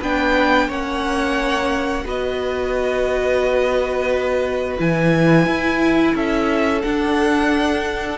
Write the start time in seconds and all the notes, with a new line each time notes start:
0.00 B3 D4 B4 G5
0.68 A#3 C#4 C#5 F#5
2.05 B3 F#4 B4 D#5
4.78 E3 E4 G#5
5.46 E4
6.15 C#4 A4 E5
6.82 D4 F#5